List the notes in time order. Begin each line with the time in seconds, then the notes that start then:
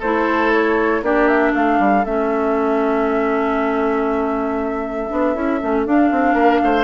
0.00 A3 E4 A4 C5
0.53 C#5
1.02 A#3 D4 G4 D5
1.28 E5
1.53 A3 A4 F5
1.80 G3
2.05 A3 C#4 E5
5.10 B3 D4
5.35 C#4 E4
5.61 A3 C#4
5.86 D4 F5
6.12 C4
6.34 A#3 A#4
6.62 A3 C5